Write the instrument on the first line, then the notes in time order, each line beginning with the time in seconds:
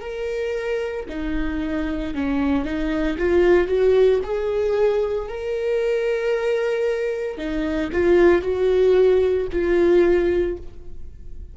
viola
0.00 A#4
1.09 D#4
2.14 C#4
2.65 D#4
3.18 F4
3.67 F#4
4.23 G#4
5.28 A#4
7.37 D#4
7.92 F4
8.42 F#4
9.52 F4